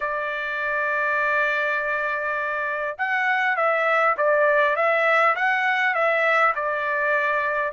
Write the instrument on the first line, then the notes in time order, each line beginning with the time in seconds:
trumpet
0.00 D5
2.97 F#5
3.56 E5
4.17 D5
4.76 E5
5.35 F#5
5.94 E5
6.55 D5